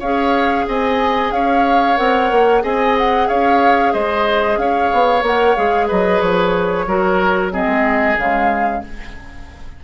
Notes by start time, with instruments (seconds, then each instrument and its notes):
0.00 bassoon C#4, clarinet G#4, oboe C#5, flute F5
0.68 bassoon C4, oboe D#5, flute G#5
1.32 bassoon C#4, oboe C#5, flute F5
1.97 bassoon C4, clarinet A#4, flute F#5
2.32 bassoon A#3
2.61 bassoon C4, clarinet G#4, oboe D#5, flute G#5
2.98 flute F#5
3.28 bassoon C#4, oboe C#5, flute F5
3.93 bassoon G#3, oboe C5, flute D#5
4.58 bassoon C#4, oboe C#5, flute F5
4.93 bassoon B3
5.23 bassoon A#3, clarinet A#4, flute F#5
5.56 bassoon G#3, clarinet G#4, flute F5
5.88 bassoon F#3, oboe B4, flute D#5
6.21 bassoon F3, flute C#5
6.87 bassoon F#3, clarinet F#4, oboe A#4
7.52 clarinet C4, oboe G#4, flute D#5
7.67 bassoon G#3
8.18 bassoon C#3, clarinet G#3, flute F5